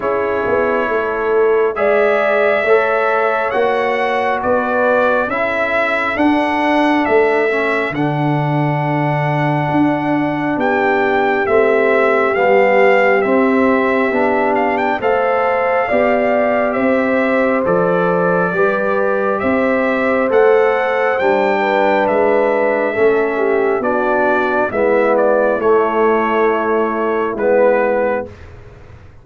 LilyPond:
<<
  \new Staff \with { instrumentName = "trumpet" } { \time 4/4 \tempo 4 = 68 cis''2 e''2 | fis''4 d''4 e''4 fis''4 | e''4 fis''2. | g''4 e''4 f''4 e''4~ |
e''8 f''16 g''16 f''2 e''4 | d''2 e''4 fis''4 | g''4 e''2 d''4 | e''8 d''8 cis''2 b'4 | }
  \new Staff \with { instrumentName = "horn" } { \time 4/4 gis'4 a'4 d''4 cis''4~ | cis''4 b'4 a'2~ | a'1 | g'1~ |
g'4 c''4 d''4 c''4~ | c''4 b'4 c''2~ | c''8 b'4. a'8 g'8 fis'4 | e'1 | }
  \new Staff \with { instrumentName = "trombone" } { \time 4/4 e'2 gis'4 a'4 | fis'2 e'4 d'4~ | d'8 cis'8 d'2.~ | d'4 c'4 b4 c'4 |
d'4 a'4 g'2 | a'4 g'2 a'4 | d'2 cis'4 d'4 | b4 a2 b4 | }
  \new Staff \with { instrumentName = "tuba" } { \time 4/4 cis'8 b8 a4 gis4 a4 | ais4 b4 cis'4 d'4 | a4 d2 d'4 | b4 a4 g4 c'4 |
b4 a4 b4 c'4 | f4 g4 c'4 a4 | g4 gis4 a4 b4 | gis4 a2 gis4 | }
>>